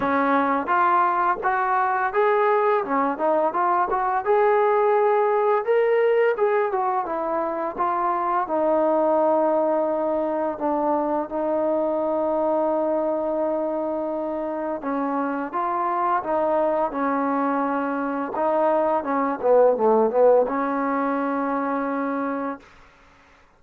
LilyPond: \new Staff \with { instrumentName = "trombone" } { \time 4/4 \tempo 4 = 85 cis'4 f'4 fis'4 gis'4 | cis'8 dis'8 f'8 fis'8 gis'2 | ais'4 gis'8 fis'8 e'4 f'4 | dis'2. d'4 |
dis'1~ | dis'4 cis'4 f'4 dis'4 | cis'2 dis'4 cis'8 b8 | a8 b8 cis'2. | }